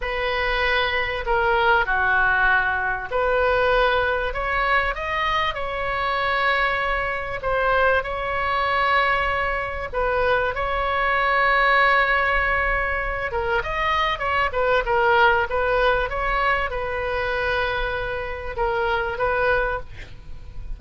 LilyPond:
\new Staff \with { instrumentName = "oboe" } { \time 4/4 \tempo 4 = 97 b'2 ais'4 fis'4~ | fis'4 b'2 cis''4 | dis''4 cis''2. | c''4 cis''2. |
b'4 cis''2.~ | cis''4. ais'8 dis''4 cis''8 b'8 | ais'4 b'4 cis''4 b'4~ | b'2 ais'4 b'4 | }